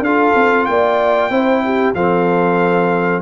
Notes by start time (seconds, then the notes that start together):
0.00 D4 F4 A4 F5
0.35 C4
0.66 A#3 D5 G5
1.30 C4 E4 C5
1.65 G4
1.95 F3 C4 A4 F5